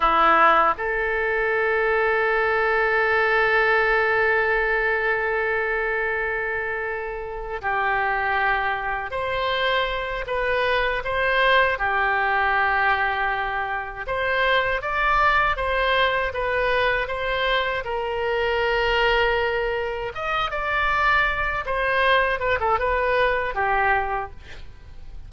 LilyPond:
\new Staff \with { instrumentName = "oboe" } { \time 4/4 \tempo 4 = 79 e'4 a'2.~ | a'1~ | a'2 g'2 | c''4. b'4 c''4 g'8~ |
g'2~ g'8 c''4 d''8~ | d''8 c''4 b'4 c''4 ais'8~ | ais'2~ ais'8 dis''8 d''4~ | d''8 c''4 b'16 a'16 b'4 g'4 | }